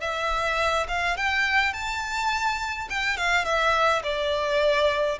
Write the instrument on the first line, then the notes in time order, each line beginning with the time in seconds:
violin
0.00 E5
0.88 F5
1.16 G5
1.73 A5
2.89 G5
3.17 F5
3.44 E5
4.03 D5